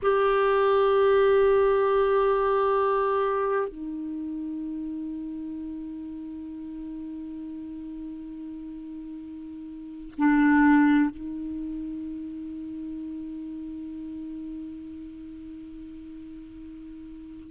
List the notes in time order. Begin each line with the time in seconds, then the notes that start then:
0.02 G4
3.68 D#4
10.18 D4
11.10 D#4